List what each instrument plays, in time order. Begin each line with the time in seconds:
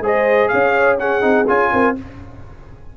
0.00 tuba G#3, trombone G#4, horn C5, trumpet D#5
0.49 tuba C#4, horn C#5, trumpet F5
0.99 trombone C#4, horn G#4, trumpet F#5
1.21 tuba C4, trombone D#4
1.48 tuba C#4, trombone F4, trumpet G#5
1.73 tuba C4, horn A#4